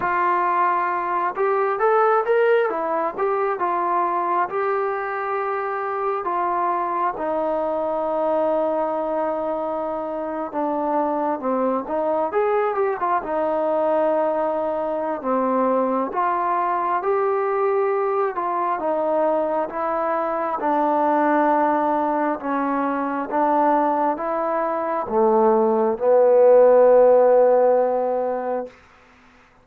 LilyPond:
\new Staff \with { instrumentName = "trombone" } { \time 4/4 \tempo 4 = 67 f'4. g'8 a'8 ais'8 e'8 g'8 | f'4 g'2 f'4 | dis'2.~ dis'8. d'16~ | d'8. c'8 dis'8 gis'8 g'16 f'16 dis'4~ dis'16~ |
dis'4 c'4 f'4 g'4~ | g'8 f'8 dis'4 e'4 d'4~ | d'4 cis'4 d'4 e'4 | a4 b2. | }